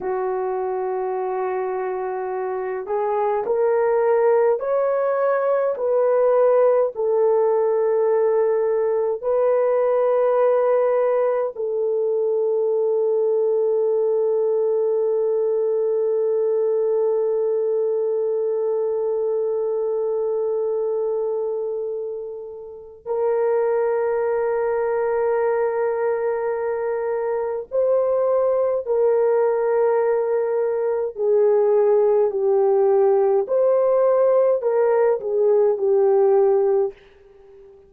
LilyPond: \new Staff \with { instrumentName = "horn" } { \time 4/4 \tempo 4 = 52 fis'2~ fis'8 gis'8 ais'4 | cis''4 b'4 a'2 | b'2 a'2~ | a'1~ |
a'1 | ais'1 | c''4 ais'2 gis'4 | g'4 c''4 ais'8 gis'8 g'4 | }